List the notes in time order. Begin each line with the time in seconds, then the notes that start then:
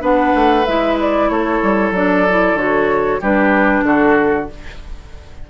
0.00 B3 D4 B4 F#5
0.34 A3
0.65 G#3 E4 E5
1.00 D5
1.29 A3 A4 C#5
1.62 G3
1.91 F#3 D4 D5
2.29 E4
2.54 D3 F#4 C#5
3.20 G3 D4 G4 B4
3.82 D3 F#4 A4